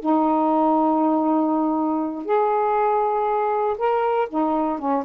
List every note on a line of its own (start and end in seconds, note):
0.00 2.25 D#4
2.25 3.76 G#4
3.78 4.28 A#4
4.29 4.79 D#4
4.79 5.04 C#4